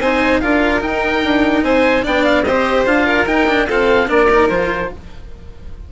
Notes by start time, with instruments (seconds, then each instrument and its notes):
0.00 bassoon C4, cello D#4, violin C5, oboe G#5
0.40 bassoon D4, cello F4, violin A#4, oboe F5
0.80 cello D#4, bassoon D#4, oboe G5
1.24 bassoon D4
1.63 bassoon C4, violin C5, oboe G#5
2.03 bassoon B3, cello D4, violin D5, oboe G5
2.24 oboe F5
2.43 bassoon C4, cello G4, violin C5, oboe D#5
2.86 bassoon D4, cello F4, oboe F5
3.06 violin A#4
3.26 bassoon D#4, cello D#4, oboe G5
3.48 cello D4
3.66 cello C4, bassoon F4, violin A4, oboe F5
4.07 bassoon A#3, cello D4, violin A#4, oboe D5
4.30 cello D#4
4.49 bassoon F3, cello F4, oboe C5